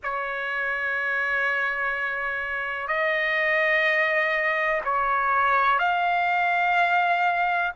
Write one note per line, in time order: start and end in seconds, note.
0.03 2.87 C#5
2.87 4.81 D#5
4.84 5.78 C#5
5.78 7.72 F5